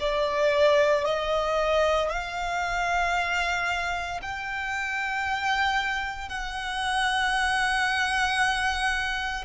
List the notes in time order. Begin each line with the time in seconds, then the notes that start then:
0.00 D5
1.04 D#5
2.10 F5
4.22 G5
6.29 F#5